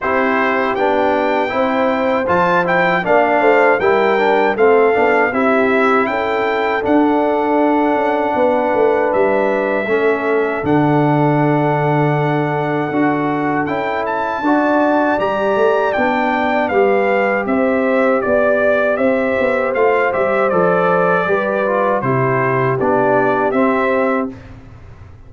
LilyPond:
<<
  \new Staff \with { instrumentName = "trumpet" } { \time 4/4 \tempo 4 = 79 c''4 g''2 a''8 g''8 | f''4 g''4 f''4 e''4 | g''4 fis''2. | e''2 fis''2~ |
fis''2 g''8 a''4. | ais''4 g''4 f''4 e''4 | d''4 e''4 f''8 e''8 d''4~ | d''4 c''4 d''4 e''4 | }
  \new Staff \with { instrumentName = "horn" } { \time 4/4 g'2 c''2 | d''8 c''8 ais'4 a'4 g'4 | a'2. b'4~ | b'4 a'2.~ |
a'2. d''4~ | d''2 b'4 c''4 | d''4 c''2. | b'4 g'2. | }
  \new Staff \with { instrumentName = "trombone" } { \time 4/4 e'4 d'4 e'4 f'8 e'8 | d'4 e'8 d'8 c'8 d'8 e'4~ | e'4 d'2.~ | d'4 cis'4 d'2~ |
d'4 fis'4 e'4 fis'4 | g'4 d'4 g'2~ | g'2 f'8 g'8 a'4 | g'8 f'8 e'4 d'4 c'4 | }
  \new Staff \with { instrumentName = "tuba" } { \time 4/4 c'4 b4 c'4 f4 | ais8 a8 g4 a8 b8 c'4 | cis'4 d'4. cis'8 b8 a8 | g4 a4 d2~ |
d4 d'4 cis'4 d'4 | g8 a8 b4 g4 c'4 | b4 c'8 b8 a8 g8 f4 | g4 c4 b4 c'4 | }
>>